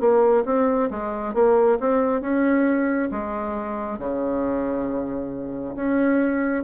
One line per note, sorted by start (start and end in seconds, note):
0.00 0.44 A#3
0.45 0.89 C4
0.90 1.34 G#3
1.34 1.78 A#3
1.80 2.21 C4
2.21 3.09 C#4
3.11 3.99 G#3
3.99 5.75 C#3
5.76 6.64 C#4